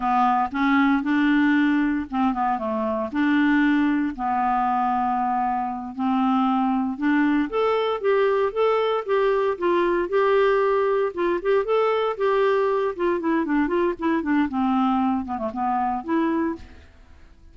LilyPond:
\new Staff \with { instrumentName = "clarinet" } { \time 4/4 \tempo 4 = 116 b4 cis'4 d'2 | c'8 b8 a4 d'2 | b2.~ b8 c'8~ | c'4. d'4 a'4 g'8~ |
g'8 a'4 g'4 f'4 g'8~ | g'4. f'8 g'8 a'4 g'8~ | g'4 f'8 e'8 d'8 f'8 e'8 d'8 | c'4. b16 a16 b4 e'4 | }